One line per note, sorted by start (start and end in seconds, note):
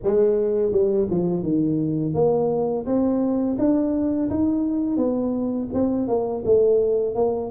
0.03 0.71 G#3
0.71 1.07 G3
1.10 1.42 F3
1.42 2.14 D#3
2.14 2.85 A#3
2.85 3.57 C4
3.58 4.29 D4
4.30 4.96 D#4
4.96 5.68 B3
5.73 6.07 C4
6.07 6.43 A#3
6.45 7.15 A3
7.15 7.50 A#3